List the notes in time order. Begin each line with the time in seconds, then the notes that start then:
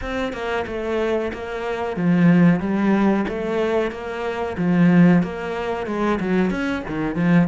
0.01 C4
0.32 A#3
0.66 A3
1.33 A#3
1.96 F3
2.60 G3
3.28 A3
3.91 A#3
4.57 F3
5.23 A#3
5.86 G#3
6.20 F#3
6.50 C#4
6.87 D#3
7.15 F3